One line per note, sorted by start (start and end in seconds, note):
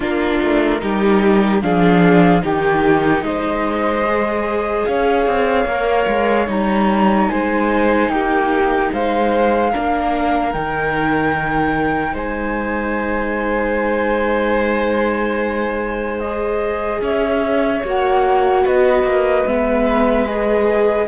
0.00 0.40 A#3
0.00 0.80 D4
0.00 0.80 F4
0.00 1.61 A#4
0.41 0.82 A3
0.80 1.61 G3
0.80 1.61 D#4
0.80 1.62 G4
1.61 2.43 F3
1.61 2.41 D4
1.61 2.43 G#4
1.61 2.43 F5
2.41 3.22 D#3
2.41 4.04 D#4
2.41 3.24 G4
2.41 3.24 G5
3.22 4.84 G#3
3.22 4.87 C5
3.22 4.85 D#5
4.06 5.69 G#4
4.85 5.27 C#4
4.85 7.30 C#5
4.85 6.47 F5
5.27 5.65 C4
5.65 6.05 A#3
5.65 6.46 A#4
6.07 6.47 G#3
6.46 7.28 G3
6.46 9.70 D#4
6.46 7.29 A#5
7.29 8.09 G#3
7.29 8.11 C5
7.29 8.10 G#5
8.09 8.90 A#3
8.09 8.93 G4
8.09 8.91 G5
8.92 9.73 G#3
8.92 9.70 C5
8.92 10.52 F5
9.70 10.53 D4
9.70 12.13 A#4
9.77 10.54 A#3
10.52 12.13 D#3
10.52 16.21 D#4
10.52 12.15 G5
12.13 17.00 G#3
12.13 17.00 C5
12.13 16.19 G#5
16.19 17.84 G#4
16.19 17.00 D#5
17.01 17.82 C#4
17.01 18.63 C#5
17.01 17.84 E5
17.84 18.65 A#3
17.84 19.46 F#4
17.84 18.66 F#5
18.63 19.03 B3
18.63 21.06 B4
18.63 19.47 D#5
19.03 19.43 A#3
19.46 21.07 G#3
19.46 20.27 B3
19.46 20.27 E5
20.27 21.07 G#4
20.27 21.07 D#5